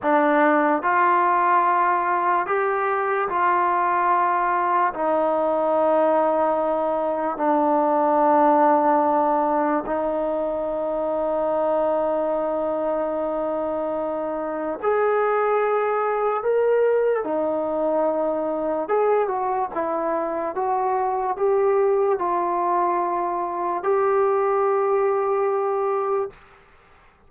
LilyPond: \new Staff \with { instrumentName = "trombone" } { \time 4/4 \tempo 4 = 73 d'4 f'2 g'4 | f'2 dis'2~ | dis'4 d'2. | dis'1~ |
dis'2 gis'2 | ais'4 dis'2 gis'8 fis'8 | e'4 fis'4 g'4 f'4~ | f'4 g'2. | }